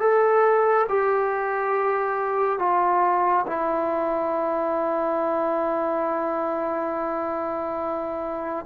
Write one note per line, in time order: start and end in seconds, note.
0.00 0.87 A4
0.89 2.59 G4
2.59 3.46 F4
3.47 8.66 E4